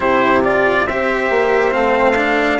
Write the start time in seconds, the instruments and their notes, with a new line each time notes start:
0.00 bassoon C3, cello E4, horn G4, trumpet C5
0.43 cello F4, trumpet D5
0.86 bassoon C4, cello G4, horn C5, trumpet E5
1.30 bassoon A#3
1.71 bassoon A3, cello C4, trumpet F5
2.16 cello D4